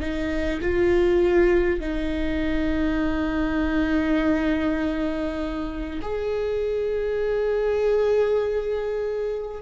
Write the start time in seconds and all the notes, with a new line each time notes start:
0.00 D#4
0.61 F4
1.80 D#4
6.02 G#4